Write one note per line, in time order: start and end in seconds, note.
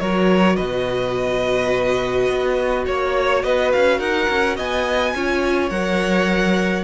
0.00 0.58 F#3
0.00 5.16 F#4
0.00 0.57 A#4
0.00 0.57 C#5
0.57 2.30 B2
0.57 2.85 B4
0.57 2.85 D#5
2.30 2.87 B3
2.87 3.44 A#3
2.87 3.43 C#5
2.87 3.45 C#5
3.43 3.73 B3
3.43 3.99 B4
3.43 3.72 D#5
3.72 3.99 C#4
3.72 4.00 F5
3.99 4.28 D#4
3.99 4.56 A#4
3.99 4.57 F#5
4.30 4.58 C#4
4.57 5.14 B3
4.57 5.14 D#5
4.57 5.70 G#5
5.14 5.71 C#4
5.14 5.71 F4
5.14 6.85 C#5
5.70 6.85 F#3
5.70 6.85 A#4
5.70 6.85 F#5